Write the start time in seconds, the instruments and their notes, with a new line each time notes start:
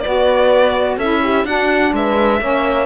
0.00 saxophone F#4, horn B4, violin D5
0.07 cello B3
0.97 cello C#4, saxophone E4, horn A4, violin E5
1.24 horn G4
1.45 cello D4, saxophone D4, horn F#4, violin F#5
1.93 cello G#3, horn B4, violin E5
2.40 cello A#3, saxophone C#4, horn C#5